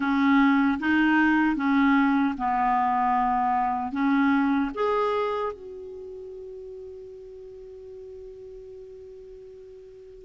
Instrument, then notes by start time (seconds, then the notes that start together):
clarinet
0.00 C#4
0.79 D#4
1.56 C#4
2.37 B3
3.92 C#4
4.74 G#4
5.53 F#4